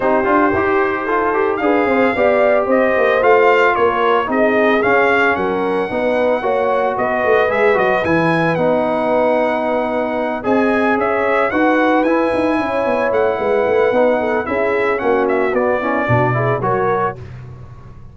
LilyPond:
<<
  \new Staff \with { instrumentName = "trumpet" } { \time 4/4 \tempo 4 = 112 c''2. f''4~ | f''4 dis''4 f''4 cis''4 | dis''4 f''4 fis''2~ | fis''4 dis''4 e''8 dis''8 gis''4 |
fis''2.~ fis''8 gis''8~ | gis''8 e''4 fis''4 gis''4.~ | gis''8 fis''2~ fis''8 e''4 | fis''8 e''8 d''2 cis''4 | }
  \new Staff \with { instrumentName = "horn" } { \time 4/4 g'2 a'4 b'8 c''8 | d''4 c''2 ais'4 | gis'2 ais'4 b'4 | cis''4 b'2.~ |
b'2.~ b'8 dis''8~ | dis''8 cis''4 b'2 cis''8~ | cis''4 b'4. a'8 gis'4 | fis'4. e'8 fis'8 gis'8 ais'4 | }
  \new Staff \with { instrumentName = "trombone" } { \time 4/4 dis'8 f'8 g'4 f'8 g'8 gis'4 | g'2 f'2 | dis'4 cis'2 dis'4 | fis'2 gis'8 fis'8 e'4 |
dis'2.~ dis'8 gis'8~ | gis'4. fis'4 e'4.~ | e'2 dis'4 e'4 | cis'4 b8 cis'8 d'8 e'8 fis'4 | }
  \new Staff \with { instrumentName = "tuba" } { \time 4/4 c'8 d'8 dis'2 d'8 c'8 | b4 c'8 ais8 a4 ais4 | c'4 cis'4 fis4 b4 | ais4 b8 a8 gis8 fis8 e4 |
b2.~ b8 c'8~ | c'8 cis'4 dis'4 e'8 dis'8 cis'8 | b8 a8 gis8 a8 b4 cis'4 | ais4 b4 b,4 fis4 | }
>>